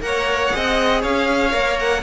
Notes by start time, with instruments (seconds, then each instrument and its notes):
0.00 cello A#3, viola A#4, violin C#5 F#5
0.51 cello C4, viola G#4, violin D#5
1.01 cello C#4, violin C#5 F5
1.52 cello A#3, viola A#4
1.79 violin F#5